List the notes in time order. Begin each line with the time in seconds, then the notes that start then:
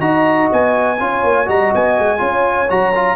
0.00 D#4 F#4 D#5 A#5
0.52 B3 G#5
0.99 C#4 F4 C#5
1.24 A#3
1.45 G3 F#4 D#5 A#5
1.74 B3 G#5
1.99 G#3
2.18 C#4 F4 C#5
2.69 F#3 F#4 A#5
2.95 F4